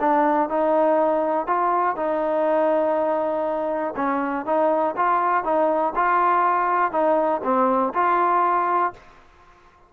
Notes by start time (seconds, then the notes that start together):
0.00 D4
0.49 D#4
1.47 F4
1.96 D#4
3.96 C#4
4.46 D#4
4.96 F4
5.44 D#4
5.96 F4
6.92 D#4
7.44 C4
7.94 F4